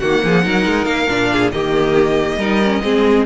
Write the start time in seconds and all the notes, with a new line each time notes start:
0.00 D#3 A#3 F#4 F#5
0.24 F3 G#4
0.43 F#3 D#4 A#4
0.66 G#3
0.85 A#3 F5
1.09 A#2 D4
1.33 G#4
1.52 D#3 A#3 G4 D#5
2.37 G3 D#4 A#4
2.64 C#4
2.83 G#3 C4 G#4